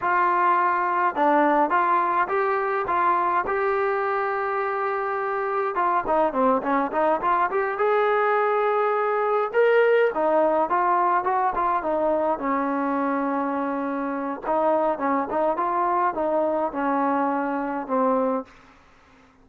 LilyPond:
\new Staff \with { instrumentName = "trombone" } { \time 4/4 \tempo 4 = 104 f'2 d'4 f'4 | g'4 f'4 g'2~ | g'2 f'8 dis'8 c'8 cis'8 | dis'8 f'8 g'8 gis'2~ gis'8~ |
gis'8 ais'4 dis'4 f'4 fis'8 | f'8 dis'4 cis'2~ cis'8~ | cis'4 dis'4 cis'8 dis'8 f'4 | dis'4 cis'2 c'4 | }